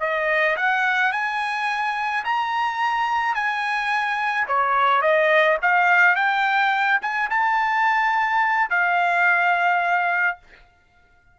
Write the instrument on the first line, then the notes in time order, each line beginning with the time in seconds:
trumpet
0.00 D#5
0.57 F#5
1.12 G#5
2.25 A#5
3.35 G#5
4.48 C#5
5.02 D#5
5.62 F5
6.16 G5
7.02 G#5
7.30 A5
8.70 F5